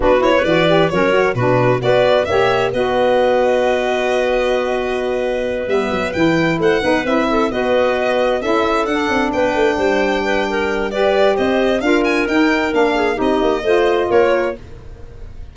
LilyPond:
<<
  \new Staff \with { instrumentName = "violin" } { \time 4/4 \tempo 4 = 132 b'8 cis''8 d''4 cis''4 b'4 | d''4 e''4 dis''2~ | dis''1~ | dis''8 e''4 g''4 fis''4 e''8~ |
e''8 dis''2 e''4 fis''8~ | fis''8 g''2.~ g''8 | d''4 dis''4 f''8 gis''8 g''4 | f''4 dis''2 cis''4 | }
  \new Staff \with { instrumentName = "clarinet" } { \time 4/4 fis'8. b'4~ b'16 ais'4 fis'4 | b'4 cis''4 b'2~ | b'1~ | b'2~ b'8 c''8 b'4 |
a'8 b'2 a'4.~ | a'8 b'4 c''4 b'8 ais'4 | b'4 c''4 ais'2~ | ais'8 gis'8 g'4 c''4 ais'4 | }
  \new Staff \with { instrumentName = "saxophone" } { \time 4/4 d'8 e'8 fis'8 g'8 cis'8 fis'8 d'4 | fis'4 g'4 fis'2~ | fis'1~ | fis'8 b4 e'4. dis'8 e'8~ |
e'8 fis'2 e'4 d'8~ | d'1 | g'2 f'4 dis'4 | d'4 dis'4 f'2 | }
  \new Staff \with { instrumentName = "tuba" } { \time 4/4 b4 e4 fis4 b,4 | b4 ais4 b2~ | b1~ | b8 g8 fis8 e4 a8 b8 c'8~ |
c'8 b2 cis'4 d'8 | c'8 b8 a8 g2~ g8~ | g4 c'4 d'4 dis'4 | ais4 c'8 ais8 a4 ais4 | }
>>